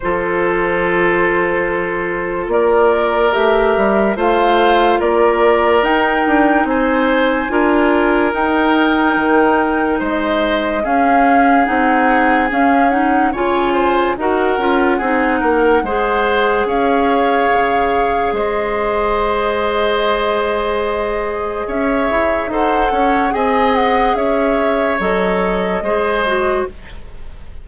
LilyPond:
<<
  \new Staff \with { instrumentName = "flute" } { \time 4/4 \tempo 4 = 72 c''2. d''4 | e''4 f''4 d''4 g''4 | gis''2 g''2 | dis''4 f''4 fis''4 f''8 fis''8 |
gis''4 fis''2. | f''2 dis''2~ | dis''2 e''4 fis''4 | gis''8 fis''8 e''4 dis''2 | }
  \new Staff \with { instrumentName = "oboe" } { \time 4/4 a'2. ais'4~ | ais'4 c''4 ais'2 | c''4 ais'2. | c''4 gis'2. |
cis''8 c''8 ais'4 gis'8 ais'8 c''4 | cis''2 c''2~ | c''2 cis''4 c''8 cis''8 | dis''4 cis''2 c''4 | }
  \new Staff \with { instrumentName = "clarinet" } { \time 4/4 f'1 | g'4 f'2 dis'4~ | dis'4 f'4 dis'2~ | dis'4 cis'4 dis'4 cis'8 dis'8 |
f'4 fis'8 f'8 dis'4 gis'4~ | gis'1~ | gis'2. a'4 | gis'2 a'4 gis'8 fis'8 | }
  \new Staff \with { instrumentName = "bassoon" } { \time 4/4 f2. ais4 | a8 g8 a4 ais4 dis'8 d'8 | c'4 d'4 dis'4 dis4 | gis4 cis'4 c'4 cis'4 |
cis4 dis'8 cis'8 c'8 ais8 gis4 | cis'4 cis4 gis2~ | gis2 cis'8 e'8 dis'8 cis'8 | c'4 cis'4 fis4 gis4 | }
>>